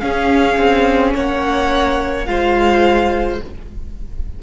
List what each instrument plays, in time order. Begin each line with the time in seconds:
0.00 viola C#4, cello C#4, violin G#4 F5
0.58 cello C4
1.14 cello A#3, violin C#5 F#5
2.26 cello G#3, viola F4, violin C5 F5